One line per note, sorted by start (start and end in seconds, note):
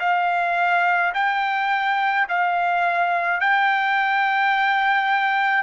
0.00 1.13 F5
1.14 2.27 G5
2.29 3.41 F5
3.41 5.63 G5